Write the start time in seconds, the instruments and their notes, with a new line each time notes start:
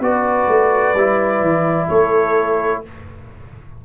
0.00 tuba B3, trombone F#4, horn B4, trumpet D5
0.47 tuba A3
0.94 tuba G3, trombone E4
1.41 tuba E3
1.88 tuba A3, horn A4, trumpet C#5